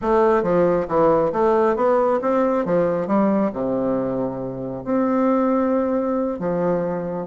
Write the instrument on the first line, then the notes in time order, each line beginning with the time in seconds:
bassoon
0.01 A3
0.43 F3
0.88 E3
1.32 A3
1.76 B3
2.21 C4
2.65 F3
3.07 G3
3.53 C3
4.84 C4
6.39 F3